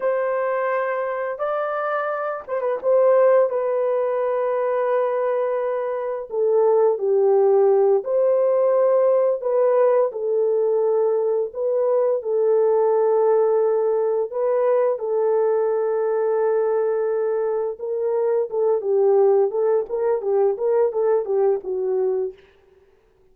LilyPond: \new Staff \with { instrumentName = "horn" } { \time 4/4 \tempo 4 = 86 c''2 d''4. c''16 b'16 | c''4 b'2.~ | b'4 a'4 g'4. c''8~ | c''4. b'4 a'4.~ |
a'8 b'4 a'2~ a'8~ | a'8 b'4 a'2~ a'8~ | a'4. ais'4 a'8 g'4 | a'8 ais'8 g'8 ais'8 a'8 g'8 fis'4 | }